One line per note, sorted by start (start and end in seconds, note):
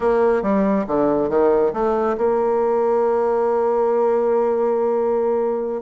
0.00 0.42 A#3
0.42 0.85 G3
0.87 1.29 D3
1.29 1.72 D#3
1.73 2.16 A3
2.17 5.81 A#3